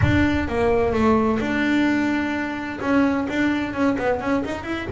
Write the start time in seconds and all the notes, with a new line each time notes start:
0.02 D4
0.48 A#3
0.92 A3
1.40 D4
2.80 C#4
3.29 D4
3.73 C#4
3.98 B3
4.21 C#4
4.44 D#4
4.63 E4